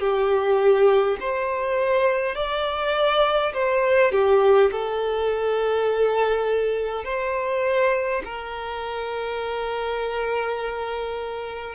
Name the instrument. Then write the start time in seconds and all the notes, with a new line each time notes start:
violin
0.00 G4
1.20 C5
2.35 D5
3.53 C5
4.12 G4
4.72 A4
7.05 C5
8.25 A#4